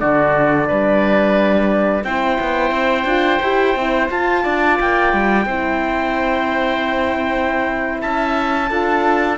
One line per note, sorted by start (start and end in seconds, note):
0.00 0.71 D3
0.00 2.05 D4
0.00 0.68 F#4
0.00 2.05 D5
0.68 2.04 G3
0.68 2.04 B4
2.04 2.38 C4
2.04 3.07 E4
2.04 4.43 C5
2.04 4.09 G5
2.41 2.71 B3
2.71 3.05 C4
3.05 3.39 D4
3.05 3.41 F4
3.42 3.76 E4
3.42 3.77 G4
3.76 4.10 C4
3.76 4.11 E4
4.11 5.48 F4
4.11 4.46 F4
4.11 4.79 A5
4.43 4.80 D4
4.43 5.45 D5
4.80 5.13 A#3
4.80 8.02 G5
5.13 5.46 G3
5.46 8.02 C4
5.46 8.71 E4
5.46 8.03 C5
8.02 8.71 C#4
8.02 8.70 E5
8.02 9.38 A5
8.70 9.38 D4
8.70 9.38 F4
8.70 9.38 A4